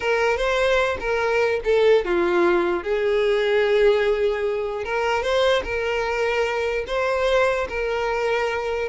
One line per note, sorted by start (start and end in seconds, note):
0.00 0.37 A#4
0.37 0.97 C5
1.00 1.60 A#4
1.64 2.04 A4
2.04 2.83 F4
2.83 4.84 G#4
4.84 5.22 A#4
5.22 5.63 C5
5.64 6.85 A#4
6.87 7.67 C5
7.68 8.88 A#4